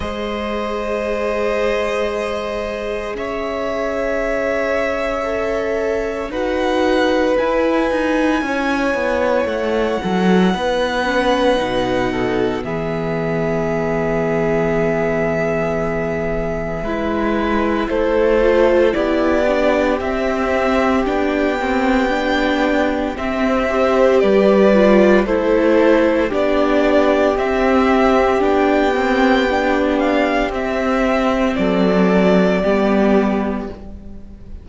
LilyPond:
<<
  \new Staff \with { instrumentName = "violin" } { \time 4/4 \tempo 4 = 57 dis''2. e''4~ | e''2 fis''4 gis''4~ | gis''4 fis''2. | e''1~ |
e''4 c''4 d''4 e''4 | g''2 e''4 d''4 | c''4 d''4 e''4 g''4~ | g''8 f''8 e''4 d''2 | }
  \new Staff \with { instrumentName = "violin" } { \time 4/4 c''2. cis''4~ | cis''2 b'2 | cis''4. a'8 b'4. a'8 | gis'1 |
b'4 a'4 g'2~ | g'2~ g'8 c''8 b'4 | a'4 g'2.~ | g'2 a'4 g'4 | }
  \new Staff \with { instrumentName = "viola" } { \time 4/4 gis'1~ | gis'4 a'4 fis'4 e'4~ | e'2~ e'8 cis'8 dis'4 | b1 |
e'4. f'8 e'8 d'8 c'4 | d'8 c'8 d'4 c'8 g'4 f'8 | e'4 d'4 c'4 d'8 c'8 | d'4 c'2 b4 | }
  \new Staff \with { instrumentName = "cello" } { \time 4/4 gis2. cis'4~ | cis'2 dis'4 e'8 dis'8 | cis'8 b8 a8 fis8 b4 b,4 | e1 |
gis4 a4 b4 c'4 | b2 c'4 g4 | a4 b4 c'4 b4~ | b4 c'4 fis4 g4 | }
>>